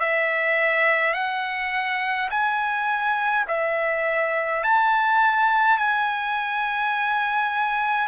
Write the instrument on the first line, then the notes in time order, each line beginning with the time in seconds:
trumpet
0.00 E5
1.13 F#5
2.30 G#5
3.48 E5
4.64 A5
5.78 G#5